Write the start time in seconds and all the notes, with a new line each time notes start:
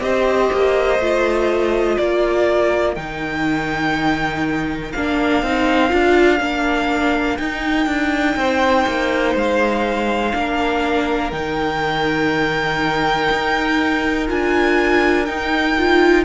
0.00 C4 G4 C5 D#5
0.52 A#3
0.98 A3 F4
1.97 A#3 A#4 D5
2.95 D#3 D#4 G5
4.91 A#3 D4 F5
5.42 C4 D#4
5.89 D4 F4
6.40 A#3 D4
7.37 D#4 G5
7.86 D4
8.36 C4 C5
8.86 A#3
9.34 G#3 F5
10.33 A#3 D4 A#4
11.31 D#3 D#4 G5
13.31 D#4
14.27 D4 F4 G#5
15.25 D#4 G5
15.77 F4